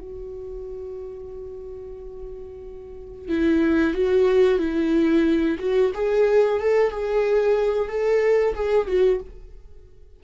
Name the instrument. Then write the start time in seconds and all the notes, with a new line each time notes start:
viola
0.00 F#4
3.28 E4
3.94 F#4
4.59 E4
5.59 F#4
5.94 G#4
6.60 A4
6.91 G#4
7.89 A4
8.55 G#4
8.87 F#4